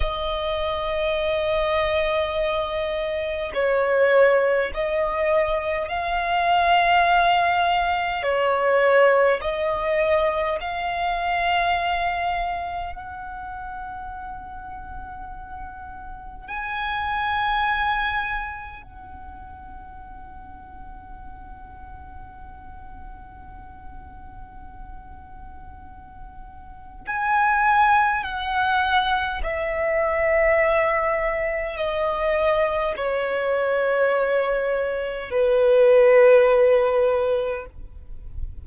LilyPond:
\new Staff \with { instrumentName = "violin" } { \time 4/4 \tempo 4 = 51 dis''2. cis''4 | dis''4 f''2 cis''4 | dis''4 f''2 fis''4~ | fis''2 gis''2 |
fis''1~ | fis''2. gis''4 | fis''4 e''2 dis''4 | cis''2 b'2 | }